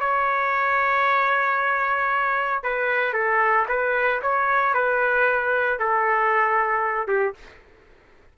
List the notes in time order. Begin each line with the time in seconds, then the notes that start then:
0.00 C#5
2.63 B4
3.13 A4
3.69 B4
4.22 C#5
4.74 B4
5.80 A4
7.08 G4